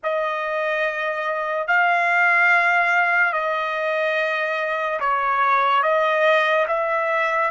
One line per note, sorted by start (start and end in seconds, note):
0.03 1.67 D#5
1.67 3.33 F5
3.33 4.99 D#5
5.00 5.83 C#5
5.83 6.66 D#5
6.67 7.50 E5